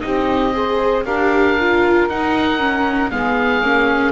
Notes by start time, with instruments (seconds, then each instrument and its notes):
0.00 double bass C4, viola D#4, saxophone G4, oboe D#5
0.53 viola G#4, saxophone C5
1.05 double bass D4, viola G4, saxophone A#4, oboe F5
1.60 viola F4
2.08 double bass D#4, viola D#4, oboe F#5
2.59 viola C#4
3.11 double bass G#3, viola B3, saxophone G#4, oboe F5
3.61 double bass A#3, viola C#4